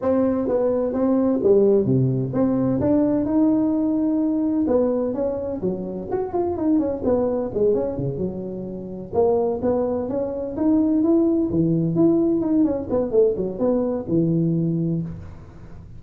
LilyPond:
\new Staff \with { instrumentName = "tuba" } { \time 4/4 \tempo 4 = 128 c'4 b4 c'4 g4 | c4 c'4 d'4 dis'4~ | dis'2 b4 cis'4 | fis4 fis'8 f'8 dis'8 cis'8 b4 |
gis8 cis'8 cis8 fis2 ais8~ | ais8 b4 cis'4 dis'4 e'8~ | e'8 e4 e'4 dis'8 cis'8 b8 | a8 fis8 b4 e2 | }